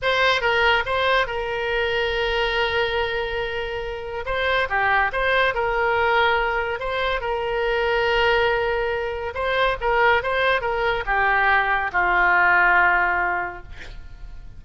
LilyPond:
\new Staff \with { instrumentName = "oboe" } { \time 4/4 \tempo 4 = 141 c''4 ais'4 c''4 ais'4~ | ais'1~ | ais'2 c''4 g'4 | c''4 ais'2. |
c''4 ais'2.~ | ais'2 c''4 ais'4 | c''4 ais'4 g'2 | f'1 | }